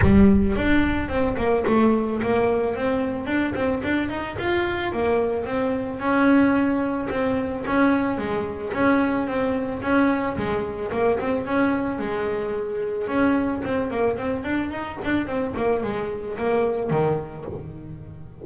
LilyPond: \new Staff \with { instrumentName = "double bass" } { \time 4/4 \tempo 4 = 110 g4 d'4 c'8 ais8 a4 | ais4 c'4 d'8 c'8 d'8 dis'8 | f'4 ais4 c'4 cis'4~ | cis'4 c'4 cis'4 gis4 |
cis'4 c'4 cis'4 gis4 | ais8 c'8 cis'4 gis2 | cis'4 c'8 ais8 c'8 d'8 dis'8 d'8 | c'8 ais8 gis4 ais4 dis4 | }